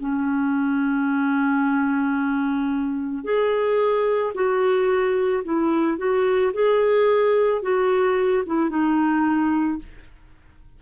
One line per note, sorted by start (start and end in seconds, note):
0.00 3.24 C#4
3.24 4.33 G#4
4.35 5.44 F#4
5.44 5.98 E4
5.98 6.53 F#4
6.54 7.62 G#4
7.62 8.44 F#4
8.46 8.70 E4
8.70 9.79 D#4